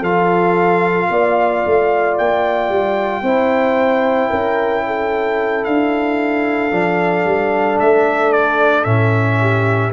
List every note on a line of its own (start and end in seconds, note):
0.00 1.08 F3
0.00 3.24 F4
0.00 1.07 A4
0.00 2.18 F5
1.10 1.64 A#3
1.10 3.23 D5
1.66 2.19 A3
2.18 2.69 A#3
2.18 5.65 G5
2.69 3.22 G3
3.22 4.29 C4
3.22 6.71 E4
3.22 4.30 C5
4.30 5.66 C#4
4.30 4.83 A#4
4.86 9.41 A4
5.65 6.72 D4
5.65 7.79 F5
6.71 7.25 F3
6.71 8.84 D4
7.25 7.79 G3
7.79 8.85 A3
7.79 8.32 E5
8.32 8.84 D5
8.84 9.93 A2
8.84 9.92 C#4
8.84 9.91 E5
9.41 9.93 G4